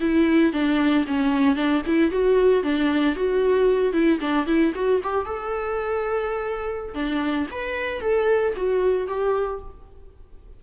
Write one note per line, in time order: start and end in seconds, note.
0.00 0.52 E4
0.52 1.05 D4
1.07 1.55 C#4
1.55 1.82 D4
1.86 2.11 E4
2.11 2.63 F#4
2.63 3.15 D4
3.15 3.93 F#4
3.93 4.19 E4
4.20 4.46 D4
4.46 4.72 E4
4.75 5.01 F#4
5.03 5.25 G4
5.25 6.94 A4
6.94 7.47 D4
7.51 8.00 B4
8.00 8.53 A4
8.56 9.07 F#4
9.07 9.60 G4